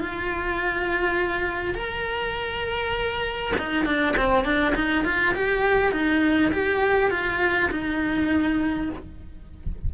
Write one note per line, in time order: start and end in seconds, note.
0.00 1.75 F4
1.75 3.53 A#4
3.58 3.86 D#4
3.86 4.15 D4
4.17 4.45 C4
4.45 4.74 D4
4.75 5.05 D#4
5.05 5.34 F4
5.35 5.92 G4
5.92 6.51 D#4
6.52 7.11 G4
7.11 7.70 F4
7.71 8.90 D#4